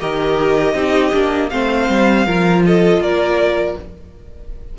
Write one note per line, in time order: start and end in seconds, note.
0.00 0.74 D#3
0.00 0.74 G4
0.00 0.75 A#4
0.00 1.50 D#5
0.74 1.11 C4
0.74 1.12 D#4
0.74 1.50 G4
1.12 1.51 A#3
1.12 1.50 D4
1.50 1.89 A3
1.50 2.26 C4
1.50 2.26 C5
1.50 2.62 F5
1.89 2.26 G3
2.26 2.99 F3
2.26 3.77 F4
2.26 2.63 A#4
2.66 3.03 A4
2.66 3.02 D#5
2.99 3.74 A#3
2.99 3.78 A#4
2.99 3.77 D5